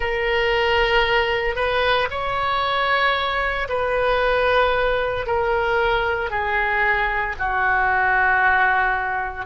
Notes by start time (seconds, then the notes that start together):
0.00 A#4
1.55 B4
2.10 C#5
3.68 B4
5.26 A#4
6.30 G#4
7.38 F#4